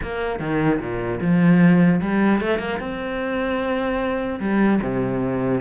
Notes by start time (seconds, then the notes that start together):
0.02 A#3
0.39 D#3
0.79 A#2
1.20 F3
2.01 G3
2.41 A3
2.58 A#3
2.79 C4
4.40 G3
4.82 C3